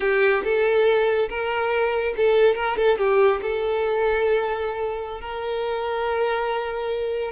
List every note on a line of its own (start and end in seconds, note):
0.00 0.43 G4
0.44 1.29 A4
1.29 2.14 A#4
2.16 2.55 A4
2.55 2.76 A#4
2.77 2.98 A4
2.98 3.40 G4
3.42 5.21 A4
5.21 7.31 A#4